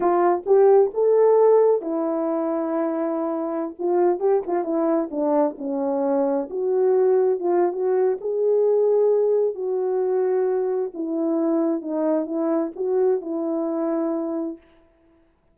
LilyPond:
\new Staff \with { instrumentName = "horn" } { \time 4/4 \tempo 4 = 132 f'4 g'4 a'2 | e'1~ | e'16 f'4 g'8 f'8 e'4 d'8.~ | d'16 cis'2 fis'4.~ fis'16~ |
fis'16 f'8. fis'4 gis'2~ | gis'4 fis'2. | e'2 dis'4 e'4 | fis'4 e'2. | }